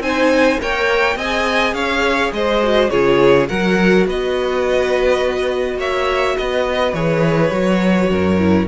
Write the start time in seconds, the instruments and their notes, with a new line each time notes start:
0.00 cello C4, viola D#4, violin C5 G#5
0.59 cello A#3, viola A#4, violin C#5 G5
1.16 cello C4, viola G#4, violin D#5 G#5
1.74 cello C#4, violin C#5 F5
2.32 cello G#3, violin C5 D#5
2.63 viola F#4
2.90 cello C#3, viola F4, violin G#4 C#5
3.49 cello F#3, viola F#4, violin A#4 F#5
4.07 cello B3, violin B4 D#5
5.78 cello A#3, violin C#5 E5
6.38 cello B3, violin B4 D#5
6.94 cello E3, viola G#4, violin C#5
7.51 cello F#3, viola F#4
8.11 cello F#2, violin A#4
8.39 viola E4